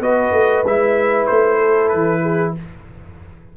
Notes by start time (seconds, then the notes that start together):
0.00 B3 F#4 B4 D#5
0.32 A3
0.64 G#3 E4 E5
1.27 A3 C5
1.58 A4
1.89 E3 B4
2.22 G#4